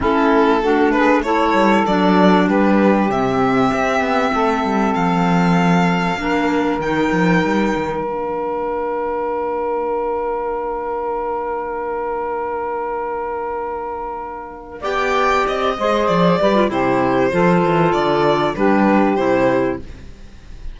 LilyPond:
<<
  \new Staff \with { instrumentName = "violin" } { \time 4/4 \tempo 4 = 97 a'4. b'8 cis''4 d''4 | b'4 e''2. | f''2. g''4~ | g''4 f''2.~ |
f''1~ | f''1 | g''4 dis''4 d''4 c''4~ | c''4 d''4 b'4 c''4 | }
  \new Staff \with { instrumentName = "saxophone" } { \time 4/4 e'4 fis'8 gis'8 a'2 | g'2. a'4~ | a'2 ais'2~ | ais'1~ |
ais'1~ | ais'1 | d''4. c''4 b'8 g'4 | a'2 g'2 | }
  \new Staff \with { instrumentName = "clarinet" } { \time 4/4 cis'4 d'4 e'4 d'4~ | d'4 c'2.~ | c'2 d'4 dis'4~ | dis'4 d'2.~ |
d'1~ | d'1 | g'4. gis'4 g'16 f'16 e'4 | f'2 d'4 e'4 | }
  \new Staff \with { instrumentName = "cello" } { \time 4/4 a2~ a8 g8 fis4 | g4 c4 c'8 b8 a8 g8 | f2 ais4 dis8 f8 | g8 dis8 ais2.~ |
ais1~ | ais1 | b4 c'8 gis8 f8 g8 c4 | f8 e8 d4 g4 c4 | }
>>